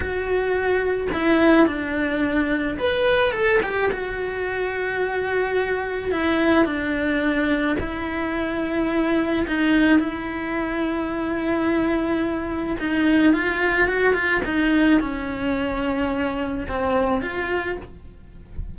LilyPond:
\new Staff \with { instrumentName = "cello" } { \time 4/4 \tempo 4 = 108 fis'2 e'4 d'4~ | d'4 b'4 a'8 g'8 fis'4~ | fis'2. e'4 | d'2 e'2~ |
e'4 dis'4 e'2~ | e'2. dis'4 | f'4 fis'8 f'8 dis'4 cis'4~ | cis'2 c'4 f'4 | }